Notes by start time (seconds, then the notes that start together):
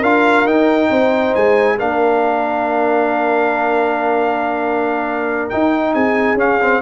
0.00 D4 F4 A#4 F5
0.45 D#4 G5
0.90 C4 C5
1.35 G#3 G#5
1.78 A#3 D4 A#4 F5
5.50 D#4 G5
5.94 C4 G#4 G#5
6.34 C#4 F5
6.61 C4